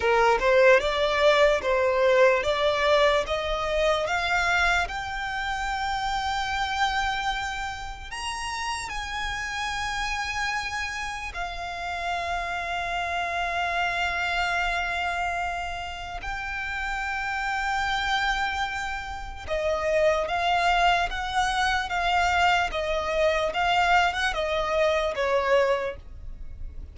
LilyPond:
\new Staff \with { instrumentName = "violin" } { \time 4/4 \tempo 4 = 74 ais'8 c''8 d''4 c''4 d''4 | dis''4 f''4 g''2~ | g''2 ais''4 gis''4~ | gis''2 f''2~ |
f''1 | g''1 | dis''4 f''4 fis''4 f''4 | dis''4 f''8. fis''16 dis''4 cis''4 | }